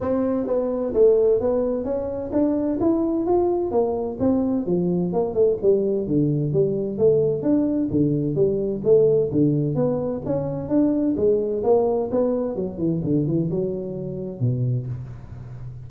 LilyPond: \new Staff \with { instrumentName = "tuba" } { \time 4/4 \tempo 4 = 129 c'4 b4 a4 b4 | cis'4 d'4 e'4 f'4 | ais4 c'4 f4 ais8 a8 | g4 d4 g4 a4 |
d'4 d4 g4 a4 | d4 b4 cis'4 d'4 | gis4 ais4 b4 fis8 e8 | d8 e8 fis2 b,4 | }